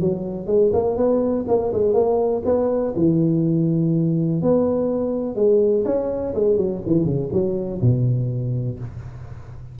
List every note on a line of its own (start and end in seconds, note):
0.00 0.46 F#3
0.46 0.71 G#3
0.73 0.96 A#3
0.96 1.45 B3
1.48 1.72 A#3
1.73 1.93 G#3
1.93 2.42 A#3
2.45 2.94 B3
2.96 4.41 E3
4.41 5.35 B3
5.35 5.84 G#3
5.85 6.33 C#4
6.34 6.57 G#3
6.57 6.81 F#3
6.86 7.05 E3
7.05 7.29 C#3
7.32 7.80 F#3
7.81 8.79 B2